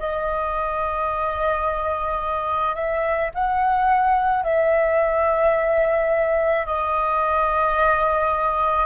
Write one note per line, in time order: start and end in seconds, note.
0.00 2.75 D#5
2.75 3.31 E5
3.35 4.44 F#5
4.44 6.66 E5
6.66 8.86 D#5